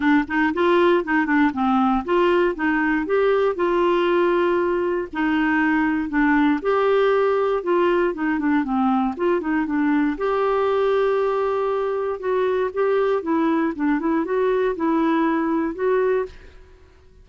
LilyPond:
\new Staff \with { instrumentName = "clarinet" } { \time 4/4 \tempo 4 = 118 d'8 dis'8 f'4 dis'8 d'8 c'4 | f'4 dis'4 g'4 f'4~ | f'2 dis'2 | d'4 g'2 f'4 |
dis'8 d'8 c'4 f'8 dis'8 d'4 | g'1 | fis'4 g'4 e'4 d'8 e'8 | fis'4 e'2 fis'4 | }